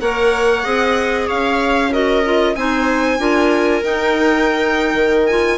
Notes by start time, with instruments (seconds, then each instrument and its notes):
0.00 bassoon A#3, clarinet A#4, viola C#5, violin F#5
0.63 bassoon C4, clarinet G#4, viola D#5
1.27 bassoon C#4, viola C#5, violin F5
1.91 clarinet F#4, viola A#4, violin D#5
2.24 clarinet F4
2.55 bassoon C4, clarinet D#4, viola C5, violin G#5
3.18 bassoon D4, clarinet F4, viola A#4
3.83 bassoon D#4, clarinet D#4, violin G5
4.93 bassoon D#3
5.26 clarinet F4, violin G#5